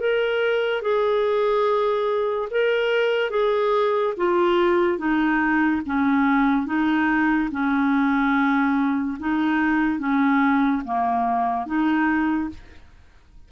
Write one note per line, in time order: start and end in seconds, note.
0.00 0.82 A#4
0.82 2.48 G#4
2.50 3.30 A#4
3.30 4.14 G#4
4.17 4.98 F4
4.98 5.81 D#4
5.86 6.66 C#4
6.66 7.49 D#4
7.51 9.18 C#4
9.19 9.99 D#4
9.99 10.83 C#4
10.84 11.66 A#3
11.66 12.50 D#4